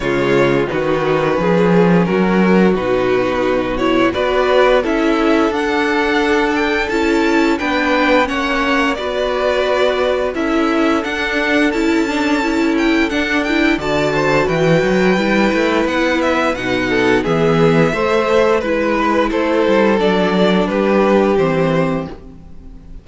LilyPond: <<
  \new Staff \with { instrumentName = "violin" } { \time 4/4 \tempo 4 = 87 cis''4 b'2 ais'4 | b'4. cis''8 d''4 e''4 | fis''4. g''8 a''4 g''4 | fis''4 d''2 e''4 |
fis''4 a''4. g''8 fis''8 g''8 | a''4 g''2 fis''8 e''8 | fis''4 e''2 b'4 | c''4 d''4 b'4 c''4 | }
  \new Staff \with { instrumentName = "violin" } { \time 4/4 f'4 fis'4 gis'4 fis'4~ | fis'2 b'4 a'4~ | a'2. b'4 | cis''4 b'2 a'4~ |
a'1 | d''8 c''8 b'2.~ | b'8 a'8 gis'4 c''4 b'4 | a'2 g'2 | }
  \new Staff \with { instrumentName = "viola" } { \time 4/4 gis4 dis'4 cis'2 | dis'4. e'8 fis'4 e'4 | d'2 e'4 d'4 | cis'4 fis'2 e'4 |
d'4 e'8 d'8 e'4 d'8 e'8 | fis'2 e'2 | dis'4 b4 a4 e'4~ | e'4 d'2 c'4 | }
  \new Staff \with { instrumentName = "cello" } { \time 4/4 cis4 dis4 f4 fis4 | b,2 b4 cis'4 | d'2 cis'4 b4 | ais4 b2 cis'4 |
d'4 cis'2 d'4 | d4 e8 fis8 g8 a8 b4 | b,4 e4 a4 gis4 | a8 g8 fis4 g4 e4 | }
>>